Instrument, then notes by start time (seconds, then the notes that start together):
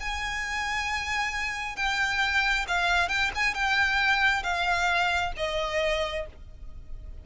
violin
0.00 G#5
1.76 G5
2.67 F5
3.09 G5
3.35 G#5
3.54 G5
4.43 F5
5.36 D#5